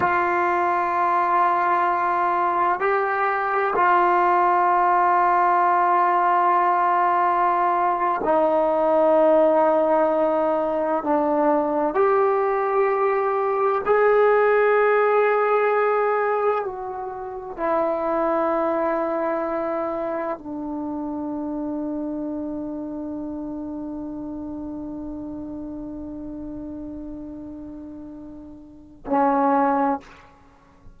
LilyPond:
\new Staff \with { instrumentName = "trombone" } { \time 4/4 \tempo 4 = 64 f'2. g'4 | f'1~ | f'8. dis'2. d'16~ | d'8. g'2 gis'4~ gis'16~ |
gis'4.~ gis'16 fis'4 e'4~ e'16~ | e'4.~ e'16 d'2~ d'16~ | d'1~ | d'2. cis'4 | }